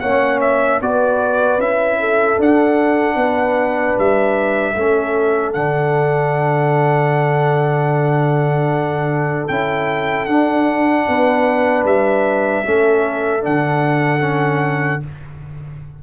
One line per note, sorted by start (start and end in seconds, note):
0.00 0.81 A#3
0.00 0.82 C#4
0.00 0.80 C#5
0.00 0.39 F#5
0.41 0.80 E5
0.81 1.58 B3
0.81 1.60 F#4
0.81 2.00 B4
0.81 1.61 D5
1.58 2.37 C#4
1.58 2.38 E4
1.58 2.39 E5
2.00 3.16 A4
2.38 4.75 D4
2.38 3.16 D4
2.38 3.99 F#5
3.16 3.95 B3
3.16 4.74 B4
3.99 4.76 G3
3.99 5.53 E5
4.76 5.55 A3
4.76 5.54 C#4
4.76 11.09 A4
5.53 9.49 D3
5.53 9.49 D4
5.53 9.48 F#5
9.48 10.28 C#4
9.48 10.28 E4
9.48 10.26 G5
10.26 11.07 D4
10.26 12.65 D4
10.26 11.84 F#5
11.08 11.84 B3
11.08 12.66 B4
11.84 12.63 G3
11.84 13.44 E5
12.65 13.45 A3
12.65 13.40 C#4
12.65 15.03 A4
13.40 15.03 D3
13.40 14.19 D4
13.40 15.03 F#5
14.22 15.00 C#4